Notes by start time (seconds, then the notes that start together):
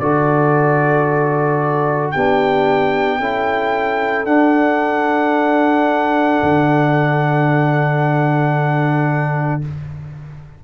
0.00 D3 F#4 A4 D5
2.12 B3 D4 G4 G5
3.20 C#4 E4 A4
4.26 D4 F#5
6.43 D3